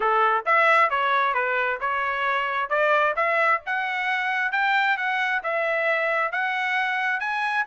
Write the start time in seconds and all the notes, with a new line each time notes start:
0.00 A4
0.45 E5
0.90 C#5
1.34 B4
1.80 C#5
2.69 D5
3.16 E5
3.66 F#5
4.52 G5
4.97 F#5
5.43 E5
6.32 F#5
7.20 G#5